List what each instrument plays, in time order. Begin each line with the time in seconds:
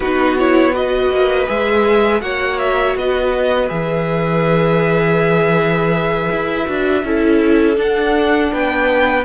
0.00 cello B3, viola D#4, violin F#4 B4
0.38 viola E4, violin C#5
0.73 viola F#4, violin B4 D#5
1.10 cello A#3
1.46 cello G#3, viola G#4, violin E5
2.21 cello A#3, viola F#4, violin C#5 F#5
2.58 violin E5
2.95 cello B3, violin B4 D#5
3.68 cello E3, viola G#4, violin E5
6.31 cello E4
6.65 cello D4, viola F#4
7.03 cello C#4, viola E4, violin A4
7.76 viola D4, cello D4, violin F#5
8.52 cello B3, violin B4 G5